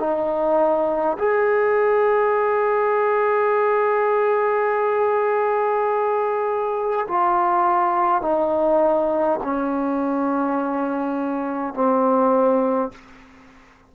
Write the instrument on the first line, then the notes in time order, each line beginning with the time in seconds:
trombone
0.00 D#4
1.19 G#4
7.09 F4
8.22 D#4
9.44 C#4
11.74 C4